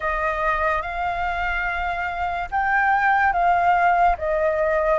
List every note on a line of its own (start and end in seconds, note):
0.00 0.82 D#5
0.82 2.48 F5
2.51 3.33 G5
3.33 4.16 F5
4.18 4.99 D#5